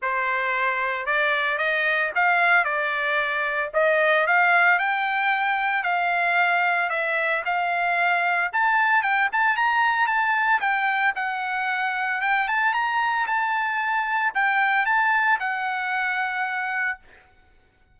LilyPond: \new Staff \with { instrumentName = "trumpet" } { \time 4/4 \tempo 4 = 113 c''2 d''4 dis''4 | f''4 d''2 dis''4 | f''4 g''2 f''4~ | f''4 e''4 f''2 |
a''4 g''8 a''8 ais''4 a''4 | g''4 fis''2 g''8 a''8 | ais''4 a''2 g''4 | a''4 fis''2. | }